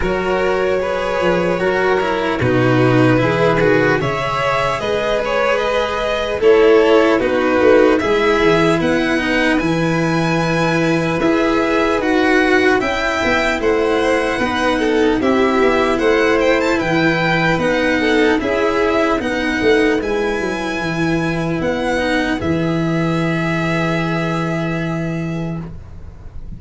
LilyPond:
<<
  \new Staff \with { instrumentName = "violin" } { \time 4/4 \tempo 4 = 75 cis''2. b'4~ | b'4 e''4 dis''8 cis''8 dis''4 | cis''4 b'4 e''4 fis''4 | gis''2 e''4 fis''4 |
g''4 fis''2 e''4 | fis''8 g''16 a''16 g''4 fis''4 e''4 | fis''4 gis''2 fis''4 | e''1 | }
  \new Staff \with { instrumentName = "violin" } { \time 4/4 ais'4 b'4 ais'4 fis'4 | gis'4 cis''4 b'2 | a'4 fis'4 gis'4 b'4~ | b'1 |
e''4 c''4 b'8 a'8 g'4 | c''4 b'4. a'8 gis'4 | b'1~ | b'1 | }
  \new Staff \with { instrumentName = "cello" } { \time 4/4 fis'4 gis'4 fis'8 e'8 dis'4 | e'8 fis'8 gis'2. | e'4 dis'4 e'4. dis'8 | e'2 gis'4 fis'4 |
e'2 dis'4 e'4~ | e'2 dis'4 e'4 | dis'4 e'2~ e'8 dis'8 | gis'1 | }
  \new Staff \with { instrumentName = "tuba" } { \time 4/4 fis4. f8 fis4 b,4 | e8 dis8 cis4 gis2 | a4 b8 a8 gis8 e8 b4 | e2 e'4 dis'4 |
cis'8 b8 a4 b4 c'8 b8 | a4 e4 b4 cis'4 | b8 a8 gis8 fis8 e4 b4 | e1 | }
>>